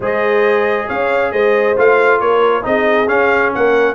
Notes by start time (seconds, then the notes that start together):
0.00 G#3 G#4 C5 D#5
0.87 C#4 C#5 F5
1.32 G#3 C5 D#5
1.76 A3 F4 F5
2.20 A#3 A#4 C#5
2.62 C4 D#4 G#4 D#5
3.07 C#4 F5
3.54 A#3 A#4 F#5